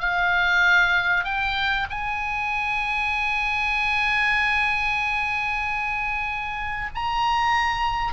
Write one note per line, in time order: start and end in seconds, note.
0.00 1.25 F5
1.25 1.87 G5
1.90 6.90 G#5
6.95 8.13 A#5